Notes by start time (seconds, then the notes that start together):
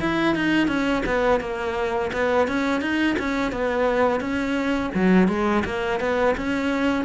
0.00 E4
0.35 D#4
0.68 C#4
1.06 B3
1.41 A#3
2.13 B3
2.48 C#4
2.81 D#4
3.19 C#4
3.52 B3
4.21 C#4
4.95 F#3
5.28 G#3
5.65 A#3
6.00 B3
6.37 C#4